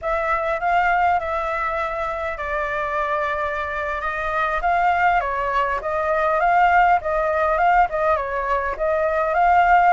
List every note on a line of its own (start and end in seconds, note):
0.01 0.60 E5
0.60 1.19 F5
1.19 2.37 E5
2.37 4.01 D5
4.01 4.60 D#5
4.61 5.20 F5
5.20 5.79 C#5
5.81 6.40 D#5
6.40 6.99 F5
7.01 7.57 D#5
7.57 7.87 F5
7.89 8.16 D#5
8.16 8.75 C#5
8.77 9.33 D#5
9.33 9.93 F5